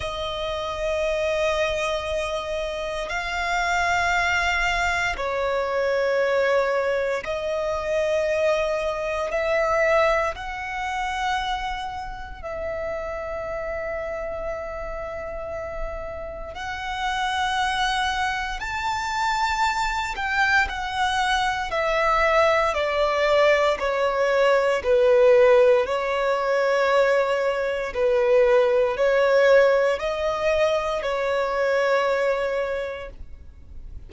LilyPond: \new Staff \with { instrumentName = "violin" } { \time 4/4 \tempo 4 = 58 dis''2. f''4~ | f''4 cis''2 dis''4~ | dis''4 e''4 fis''2 | e''1 |
fis''2 a''4. g''8 | fis''4 e''4 d''4 cis''4 | b'4 cis''2 b'4 | cis''4 dis''4 cis''2 | }